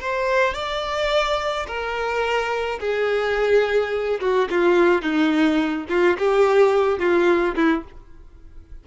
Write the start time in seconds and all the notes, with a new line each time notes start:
0.00 C5
0.54 D5
1.67 A#4
2.80 G#4
4.20 F#4
4.50 F4
5.02 D#4
5.89 F4
6.18 G4
6.99 F4
7.55 E4